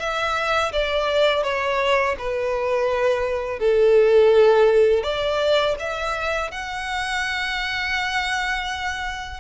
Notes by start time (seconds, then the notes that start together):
0.00 E5
0.73 D5
1.44 C#5
2.19 B4
3.60 A4
5.04 D5
5.80 E5
6.52 F#5